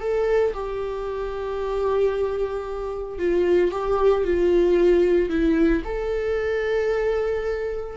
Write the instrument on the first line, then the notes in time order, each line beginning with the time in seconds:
viola
0.00 A4
0.54 G4
3.18 F4
3.71 G4
4.24 F4
5.29 E4
5.84 A4